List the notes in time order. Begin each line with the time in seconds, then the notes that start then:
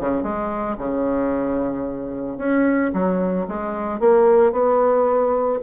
0.00 C#3
0.23 G#3
0.78 C#3
2.38 C#4
2.93 F#3
3.47 G#3
3.99 A#3
4.52 B3